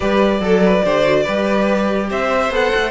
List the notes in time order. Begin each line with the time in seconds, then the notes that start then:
0.00 G3 G4 B4 D5
0.40 F#3 A4
0.65 B4
0.84 D3 G4 C5
1.03 F#4
1.23 G3 G4 B4
2.10 C4 C5 E5
2.50 B3 A4 F#5
2.75 A3